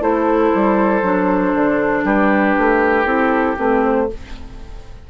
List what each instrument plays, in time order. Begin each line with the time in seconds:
0.00 bassoon A3, clarinet E4, oboe A4, flute C5
0.54 bassoon G3
1.02 bassoon F#3, clarinet D4
1.54 bassoon D3
2.04 bassoon G3, oboe G4, flute B4
2.58 bassoon A3
3.05 bassoon C4, clarinet E4, flute A4
3.56 bassoon A3, clarinet C4, flute B4
3.84 flute C5